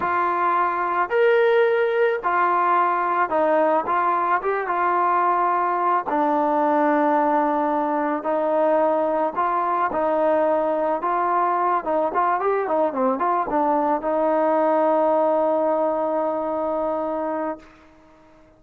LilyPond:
\new Staff \with { instrumentName = "trombone" } { \time 4/4 \tempo 4 = 109 f'2 ais'2 | f'2 dis'4 f'4 | g'8 f'2~ f'8 d'4~ | d'2. dis'4~ |
dis'4 f'4 dis'2 | f'4. dis'8 f'8 g'8 dis'8 c'8 | f'8 d'4 dis'2~ dis'8~ | dis'1 | }